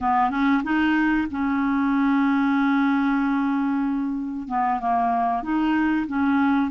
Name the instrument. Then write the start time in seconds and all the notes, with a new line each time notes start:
clarinet
0.01 B3
0.30 C#4
0.63 D#4
1.30 C#4
4.48 B3
4.80 A#3
5.42 D#4
6.07 C#4